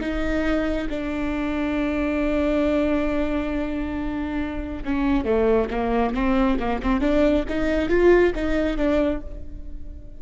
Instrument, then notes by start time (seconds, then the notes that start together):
viola
0.00 D#4
0.89 D4
4.84 C#4
5.24 A3
5.70 A#3
6.14 C4
6.59 A#3
6.82 C4
7.00 D4
7.48 D#4
7.89 F4
8.35 D#4
8.77 D4